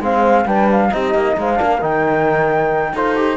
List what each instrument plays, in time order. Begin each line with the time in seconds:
0.00 cello G#3, trombone C4, horn C5, flute F5
0.45 cello G3, trombone D4, horn B4, flute G5
0.72 flute F5
0.90 cello C4, trombone D#4, horn G4, flute D#5
1.14 cello A#3
1.37 cello G#3, horn C5, flute F5
1.56 cello A#3, trombone D4, horn A#4
1.81 cello D#3, trombone D#4, flute G5
2.93 cello D#4, trombone F4, horn A4, flute C5
3.16 trombone G4